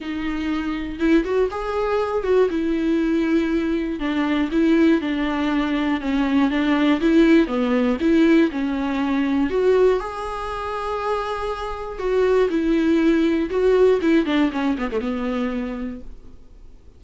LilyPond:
\new Staff \with { instrumentName = "viola" } { \time 4/4 \tempo 4 = 120 dis'2 e'8 fis'8 gis'4~ | gis'8 fis'8 e'2. | d'4 e'4 d'2 | cis'4 d'4 e'4 b4 |
e'4 cis'2 fis'4 | gis'1 | fis'4 e'2 fis'4 | e'8 d'8 cis'8 b16 a16 b2 | }